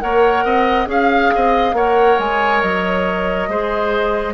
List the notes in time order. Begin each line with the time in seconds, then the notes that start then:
0.00 A#3 A#4 C#5 F#5
0.45 C4 D#5
0.86 C#4 G#4 F5
1.35 C4 D#5
1.73 A#3 A#4 C#5 F#5
2.19 G#3 G#5
2.62 F#3 D#5
3.49 G#3 G#4 C5